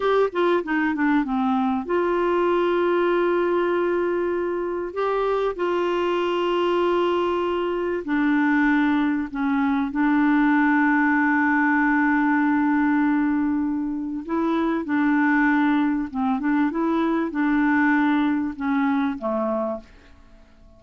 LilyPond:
\new Staff \with { instrumentName = "clarinet" } { \time 4/4 \tempo 4 = 97 g'8 f'8 dis'8 d'8 c'4 f'4~ | f'1 | g'4 f'2.~ | f'4 d'2 cis'4 |
d'1~ | d'2. e'4 | d'2 c'8 d'8 e'4 | d'2 cis'4 a4 | }